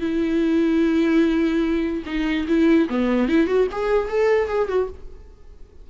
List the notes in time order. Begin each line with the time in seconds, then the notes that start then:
0.00 E4
2.06 D#4
2.47 E4
2.89 B3
3.28 E4
3.47 F#4
3.71 G#4
4.08 A4
4.48 G#4
4.68 F#4